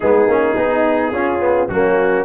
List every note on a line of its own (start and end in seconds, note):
0.00 0.27 G#3
0.00 0.28 B3
0.00 1.12 D#4
0.00 1.68 G#4
0.27 0.55 A#3
0.27 0.56 C#4
0.56 1.12 B3
0.56 1.12 D#4
1.12 1.68 C#4
1.12 1.39 C#4
1.12 1.69 F4
1.39 1.68 B3
1.68 2.24 F#3
1.68 2.24 A#3
1.68 2.24 C#4
1.68 2.24 F#4